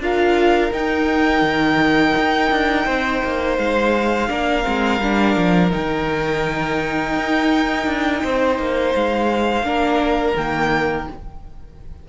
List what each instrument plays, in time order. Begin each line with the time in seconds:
0.00 cello D4, viola F4, violin A#4 F5
0.72 cello D#4, viola D#4, violin G5
1.42 cello D#3
2.18 cello D#4
2.51 cello D4
2.86 cello C4, violin C5
3.24 cello A#3
3.58 cello G#3, violin F5
4.28 cello A#3, viola D4, violin A#4
4.64 cello G#3, viola C4
5.00 cello G3, viola D4
5.37 cello F3
5.71 cello D#3, viola D#4, violin G5
7.16 cello D#4
7.87 cello D4
8.24 cello C4, violin C5
8.59 cello A#3
8.96 cello G#3, violin F5
9.63 cello A#3, viola D4, violin A#4
10.36 cello D#3, viola A#3, violin G5